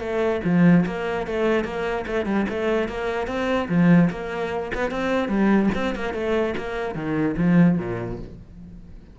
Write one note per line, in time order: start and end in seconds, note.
0.00 0.41 A3
0.45 0.86 F3
0.86 1.27 A#3
1.27 1.65 A3
1.65 2.06 A#3
2.07 2.26 A3
2.26 2.46 G3
2.49 2.89 A3
2.89 3.28 A#3
3.28 3.68 C4
3.69 4.10 F3
4.11 4.72 A#3
4.75 4.91 B3
4.91 5.29 C4
5.29 5.70 G3
5.75 5.95 C4
5.96 6.14 A#3
6.14 6.54 A3
6.58 6.95 A#3
6.95 7.36 D#3
7.37 7.78 F3
7.78 8.19 A#2